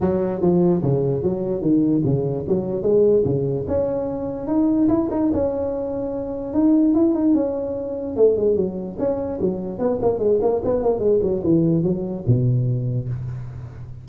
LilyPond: \new Staff \with { instrumentName = "tuba" } { \time 4/4 \tempo 4 = 147 fis4 f4 cis4 fis4 | dis4 cis4 fis4 gis4 | cis4 cis'2 dis'4 | e'8 dis'8 cis'2. |
dis'4 e'8 dis'8 cis'2 | a8 gis8 fis4 cis'4 fis4 | b8 ais8 gis8 ais8 b8 ais8 gis8 fis8 | e4 fis4 b,2 | }